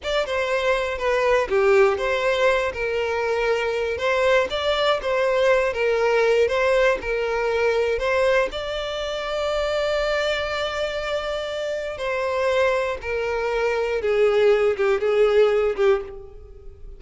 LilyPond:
\new Staff \with { instrumentName = "violin" } { \time 4/4 \tempo 4 = 120 d''8 c''4. b'4 g'4 | c''4. ais'2~ ais'8 | c''4 d''4 c''4. ais'8~ | ais'4 c''4 ais'2 |
c''4 d''2.~ | d''1 | c''2 ais'2 | gis'4. g'8 gis'4. g'8 | }